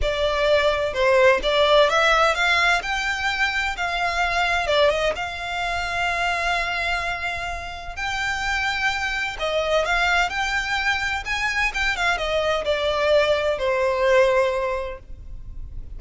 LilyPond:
\new Staff \with { instrumentName = "violin" } { \time 4/4 \tempo 4 = 128 d''2 c''4 d''4 | e''4 f''4 g''2 | f''2 d''8 dis''8 f''4~ | f''1~ |
f''4 g''2. | dis''4 f''4 g''2 | gis''4 g''8 f''8 dis''4 d''4~ | d''4 c''2. | }